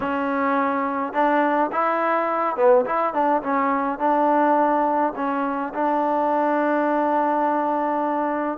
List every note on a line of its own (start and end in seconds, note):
0.00 1.13 C#4
1.13 1.70 D4
1.71 2.56 E4
2.56 2.85 B3
2.85 3.13 E4
3.13 3.42 D4
3.42 3.98 C#4
3.98 5.13 D4
5.16 5.73 C#4
5.74 8.58 D4